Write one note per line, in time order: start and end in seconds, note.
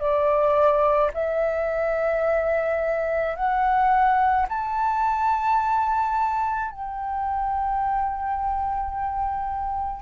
0.00 1.11 D5
1.14 3.35 E5
3.35 4.46 F#5
4.48 6.71 A5
6.71 10.02 G5